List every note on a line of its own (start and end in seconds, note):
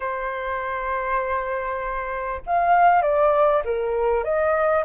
0.00 2.41 C5
2.46 3.02 F5
3.02 3.62 D5
3.64 4.23 A#4
4.23 4.84 D#5